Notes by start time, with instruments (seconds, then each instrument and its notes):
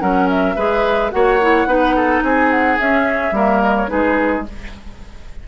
0.00 bassoon F#3, clarinet C#4, oboe A#4, flute F#5
0.29 flute E5
0.56 bassoon G#3, clarinet G#4, oboe B4
1.11 bassoon A#3, clarinet F#4, oboe C#5, flute F#5
1.41 clarinet E4
1.66 bassoon B3, clarinet D#4, oboe B4
1.96 oboe A4
2.23 bassoon C4, oboe G#4, flute G#5
2.51 flute F#5
2.79 bassoon C#4, clarinet C#4, flute E5
3.32 bassoon G3, clarinet A#3, oboe A#4
3.61 flute D#5
3.76 flute C#5
3.88 bassoon G#3, clarinet D#4, oboe G#4, flute B4